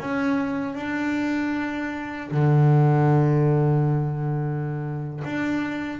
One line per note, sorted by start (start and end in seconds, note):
0.00 0.75 C#4
0.75 2.31 D4
2.31 5.23 D3
5.25 6.00 D4